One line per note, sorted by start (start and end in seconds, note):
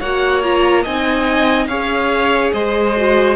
0.00 0.86 A#3
0.00 0.43 F#4
0.00 0.83 C#5
0.00 0.43 F#5
0.43 0.86 F4
0.43 0.85 A#5
0.83 1.67 C4
0.83 1.69 D#4
0.83 1.68 D#5
0.83 1.67 G#5
1.67 2.52 C#4
1.67 2.96 G#4
1.67 2.54 C#5
1.67 2.52 F5
2.53 3.36 G#3
2.53 3.36 C5
2.53 3.36 D#5
2.97 3.36 F#4